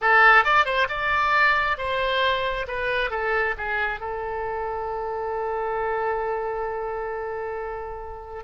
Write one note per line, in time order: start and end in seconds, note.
0.01 0.44 A4
0.44 0.65 D5
0.65 0.87 C5
0.88 1.77 D5
1.77 2.66 C5
2.67 3.10 B4
3.10 3.54 A4
3.57 4.00 G#4
4.00 8.43 A4